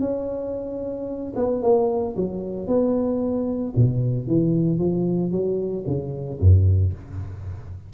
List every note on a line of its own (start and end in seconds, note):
0.00 1.33 C#4
1.36 1.62 B3
1.62 2.15 A#3
2.16 2.67 F#3
2.67 3.73 B3
3.75 4.27 B2
4.27 4.78 E3
4.78 5.31 F3
5.31 5.84 F#3
5.86 6.39 C#3
6.40 6.93 F#2